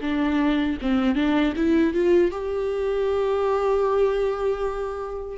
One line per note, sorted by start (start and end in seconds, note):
0.00 0.77 D4
0.81 1.15 C4
1.15 1.53 D4
1.56 1.93 E4
1.93 2.31 F4
2.31 5.37 G4